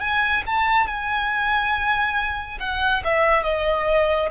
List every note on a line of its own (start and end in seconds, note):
0.00 0.43 G#5
0.46 0.86 A5
0.86 2.58 G#5
2.59 3.02 F#5
3.04 3.43 E5
3.43 4.29 D#5